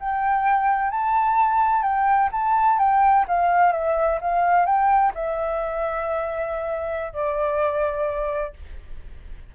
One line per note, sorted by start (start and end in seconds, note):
0.00 0.91 G5
0.91 1.83 A5
1.83 2.30 G5
2.32 2.79 A5
2.79 3.26 G5
3.28 3.73 F5
3.73 4.20 E5
4.21 4.66 F5
4.66 5.13 G5
5.15 7.13 E5
7.13 8.54 D5